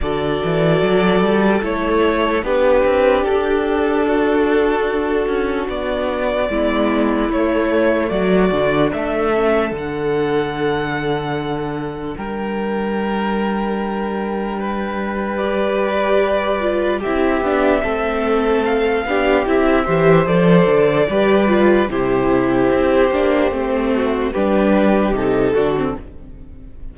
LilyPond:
<<
  \new Staff \with { instrumentName = "violin" } { \time 4/4 \tempo 4 = 74 d''2 cis''4 b'4 | a'2. d''4~ | d''4 cis''4 d''4 e''4 | fis''2. g''4~ |
g''2. d''4~ | d''4 e''2 f''4 | e''4 d''2 c''4~ | c''2 b'4 a'4 | }
  \new Staff \with { instrumentName = "violin" } { \time 4/4 a'2. g'4~ | g'4 fis'2. | e'2 fis'4 a'4~ | a'2. ais'4~ |
ais'2 b'2~ | b'4 g'4 a'4. g'8~ | g'8 c''4. b'4 g'4~ | g'4. fis'8 g'4. fis'8 | }
  \new Staff \with { instrumentName = "viola" } { \time 4/4 fis'2 e'4 d'4~ | d'1 | b4 a4. d'4 cis'8 | d'1~ |
d'2. g'4~ | g'8 f'8 e'8 d'8 c'4. d'8 | e'8 g'8 a'4 g'8 f'8 e'4~ | e'8 d'8 c'4 d'4 dis'8 d'16 c'16 | }
  \new Staff \with { instrumentName = "cello" } { \time 4/4 d8 e8 fis8 g8 a4 b8 c'8 | d'2~ d'8 cis'8 b4 | gis4 a4 fis8 d8 a4 | d2. g4~ |
g1~ | g4 c'8 b8 a4. b8 | c'8 e8 f8 d8 g4 c4 | c'8 ais8 a4 g4 c8 d8 | }
>>